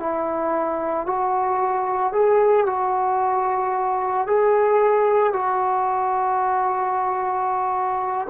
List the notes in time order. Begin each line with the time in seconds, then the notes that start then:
0.00 E4
1.06 F#4
2.13 G#4
2.66 F#4
4.27 G#4
5.33 F#4